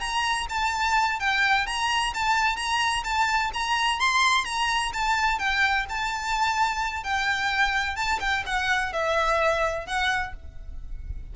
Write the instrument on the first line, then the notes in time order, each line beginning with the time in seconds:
violin
0.00 A#5
0.49 A5
1.19 G5
1.66 A#5
2.14 A5
2.57 A#5
3.04 A5
3.54 A#5
4.00 C6
4.45 A#5
4.93 A5
5.39 G5
5.89 A5
7.04 G5
7.96 A5
8.20 G5
8.46 F#5
8.93 E5
9.87 F#5